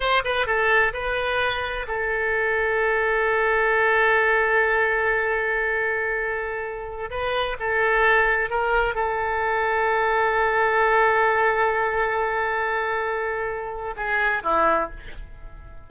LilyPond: \new Staff \with { instrumentName = "oboe" } { \time 4/4 \tempo 4 = 129 c''8 b'8 a'4 b'2 | a'1~ | a'1~ | a'2.~ a'16 b'8.~ |
b'16 a'2 ais'4 a'8.~ | a'1~ | a'1~ | a'2 gis'4 e'4 | }